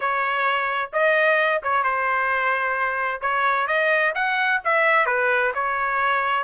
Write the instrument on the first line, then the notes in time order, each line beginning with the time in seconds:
trumpet
0.00 C#5
0.92 D#5
1.63 C#5
1.83 C5
3.21 C#5
3.67 D#5
4.14 F#5
4.64 E5
5.06 B4
5.54 C#5